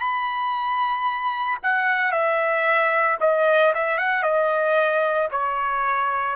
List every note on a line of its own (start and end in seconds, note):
0.00 1.58 B5
1.63 2.12 F#5
2.12 3.17 E5
3.21 3.73 D#5
3.75 3.98 E5
3.98 4.23 F#5
4.23 5.28 D#5
5.31 6.36 C#5